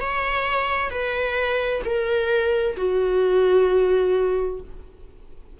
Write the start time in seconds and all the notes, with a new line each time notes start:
0.00 C#5
0.90 B4
1.84 A#4
2.76 F#4